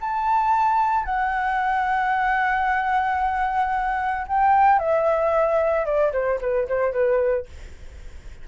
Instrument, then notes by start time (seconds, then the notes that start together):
flute
0.00 A5
1.05 F#5
4.27 G5
4.78 E5
5.85 D5
6.12 C5
6.41 B4
6.68 C5
6.92 B4